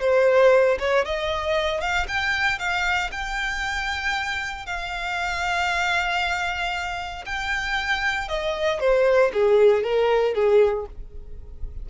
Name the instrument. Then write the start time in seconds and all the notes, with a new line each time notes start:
violin
0.00 C5
0.79 C#5
1.05 D#5
1.80 F5
2.08 G5
2.58 F5
3.11 G5
4.66 F5
7.25 G5
8.28 D#5
8.79 C5
9.33 G#4
9.83 A#4
10.34 G#4